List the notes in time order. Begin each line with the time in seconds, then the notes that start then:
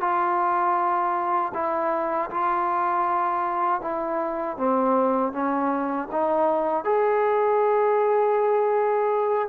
0.00 F4
1.54 E4
2.30 F4
3.81 E4
4.57 C4
5.32 C#4
6.11 D#4
6.84 G#4